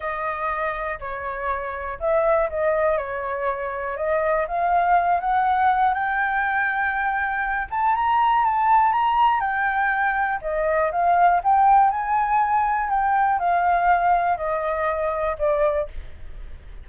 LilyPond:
\new Staff \with { instrumentName = "flute" } { \time 4/4 \tempo 4 = 121 dis''2 cis''2 | e''4 dis''4 cis''2 | dis''4 f''4. fis''4. | g''2.~ g''8 a''8 |
ais''4 a''4 ais''4 g''4~ | g''4 dis''4 f''4 g''4 | gis''2 g''4 f''4~ | f''4 dis''2 d''4 | }